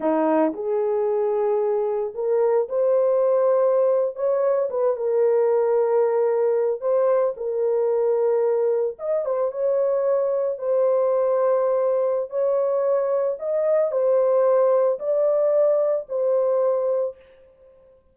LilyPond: \new Staff \with { instrumentName = "horn" } { \time 4/4 \tempo 4 = 112 dis'4 gis'2. | ais'4 c''2~ c''8. cis''16~ | cis''8. b'8 ais'2~ ais'8.~ | ais'8. c''4 ais'2~ ais'16~ |
ais'8. dis''8 c''8 cis''2 c''16~ | c''2. cis''4~ | cis''4 dis''4 c''2 | d''2 c''2 | }